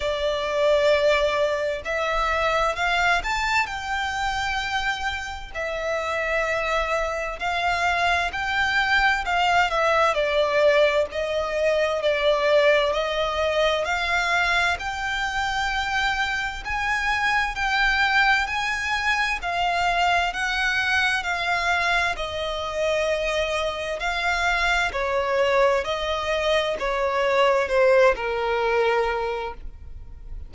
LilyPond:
\new Staff \with { instrumentName = "violin" } { \time 4/4 \tempo 4 = 65 d''2 e''4 f''8 a''8 | g''2 e''2 | f''4 g''4 f''8 e''8 d''4 | dis''4 d''4 dis''4 f''4 |
g''2 gis''4 g''4 | gis''4 f''4 fis''4 f''4 | dis''2 f''4 cis''4 | dis''4 cis''4 c''8 ais'4. | }